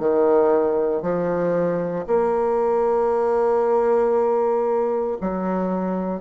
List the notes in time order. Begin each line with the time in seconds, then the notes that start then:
0.00 D#3
1.03 F3
2.07 A#3
5.21 F#3